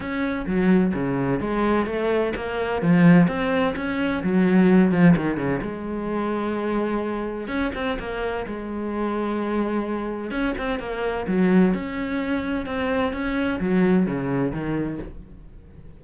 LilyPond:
\new Staff \with { instrumentName = "cello" } { \time 4/4 \tempo 4 = 128 cis'4 fis4 cis4 gis4 | a4 ais4 f4 c'4 | cis'4 fis4. f8 dis8 cis8 | gis1 |
cis'8 c'8 ais4 gis2~ | gis2 cis'8 c'8 ais4 | fis4 cis'2 c'4 | cis'4 fis4 cis4 dis4 | }